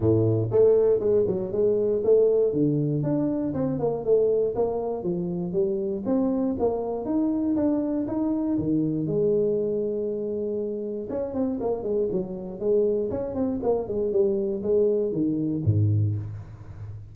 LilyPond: \new Staff \with { instrumentName = "tuba" } { \time 4/4 \tempo 4 = 119 a,4 a4 gis8 fis8 gis4 | a4 d4 d'4 c'8 ais8 | a4 ais4 f4 g4 | c'4 ais4 dis'4 d'4 |
dis'4 dis4 gis2~ | gis2 cis'8 c'8 ais8 gis8 | fis4 gis4 cis'8 c'8 ais8 gis8 | g4 gis4 dis4 gis,4 | }